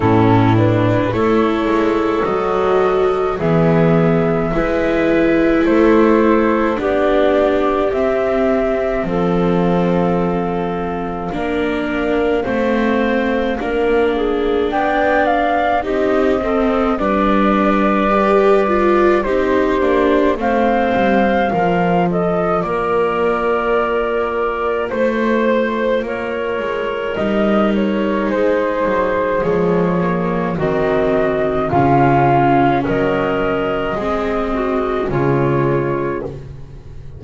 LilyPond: <<
  \new Staff \with { instrumentName = "flute" } { \time 4/4 \tempo 4 = 53 a'8 b'8 cis''4 dis''4 e''4~ | e''4 c''4 d''4 e''4 | f''1~ | f''4 g''8 f''8 dis''4 d''4~ |
d''4 c''4 f''4. dis''8 | d''2 c''4 cis''4 | dis''8 cis''8 c''4 cis''4 dis''4 | f''4 dis''2 cis''4 | }
  \new Staff \with { instrumentName = "clarinet" } { \time 4/4 e'4 a'2 gis'4 | b'4 a'4 g'2 | a'2 ais'4 c''4 | ais'8 gis'8 d''4 g'8 a'8 b'4~ |
b'4 g'4 c''4 ais'8 a'8 | ais'2 c''4 ais'4~ | ais'4 gis'2 fis'4 | f'4 ais'4 gis'8 fis'8 f'4 | }
  \new Staff \with { instrumentName = "viola" } { \time 4/4 cis'8 d'8 e'4 fis'4 b4 | e'2 d'4 c'4~ | c'2 d'4 c'4 | d'2 dis'8 c'8 d'4 |
g'8 f'8 dis'8 d'8 c'4 f'4~ | f'1 | dis'2 gis8 ais8 c'4 | cis'2 c'4 gis4 | }
  \new Staff \with { instrumentName = "double bass" } { \time 4/4 a,4 a8 gis8 fis4 e4 | gis4 a4 b4 c'4 | f2 ais4 a4 | ais4 b4 c'4 g4~ |
g4 c'8 ais8 a8 g8 f4 | ais2 a4 ais8 gis8 | g4 gis8 fis8 f4 dis4 | cis4 fis4 gis4 cis4 | }
>>